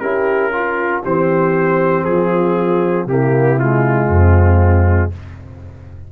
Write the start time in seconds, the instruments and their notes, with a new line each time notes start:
0.00 tuba C#4, trombone E4, horn G4, trumpet A#4
0.52 trombone F4, horn F4
1.04 tuba E3, trombone C4, horn G4, trumpet C5
2.05 tuba F3, horn F4, trumpet G#4
3.06 tuba C3, trombone A#3, horn E4, trumpet G4
3.60 trombone G#3, trumpet F4
4.08 tuba F2, horn C4